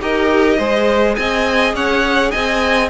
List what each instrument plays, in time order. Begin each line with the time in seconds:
0.00 cello D#4, viola G4, violin A#4 D#5
0.57 cello G#3, viola G#4, violin C5
1.15 cello C4, violin D#5 G#5
1.73 cello C#4, violin C#5 F#5
2.30 cello C4, violin D#5 G#5